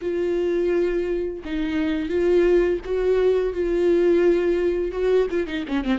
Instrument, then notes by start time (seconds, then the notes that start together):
viola
0.01 F4
1.44 D#4
2.09 F4
2.85 F#4
3.53 F4
4.91 F#4
5.30 F4
5.46 D#4
5.68 C#4
5.84 C4